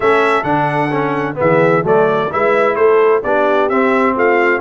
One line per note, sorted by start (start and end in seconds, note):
0.00 0.43 A3
0.00 0.43 C#4
0.00 1.38 A4
0.00 0.43 E5
0.43 1.35 D3
0.43 0.90 D4
0.43 1.36 F#5
0.91 1.34 C#4
1.34 1.81 B3
1.34 1.84 G#4
1.34 1.86 E5
1.41 1.83 E3
1.83 2.29 F#3
1.83 2.30 A3
1.83 2.30 A4
1.83 2.32 D5
2.30 2.76 G#3
2.30 3.22 E4
2.30 2.75 B4
2.30 2.75 E5
2.75 3.22 A3
2.75 3.21 A4
2.75 3.21 C5
3.23 3.70 B3
3.23 3.70 D4
3.23 4.15 G4
3.23 3.69 D5
3.69 4.16 C4
3.69 4.60 C4
3.69 4.15 E5
4.15 4.60 A3
4.15 4.60 F4
4.15 4.60 F5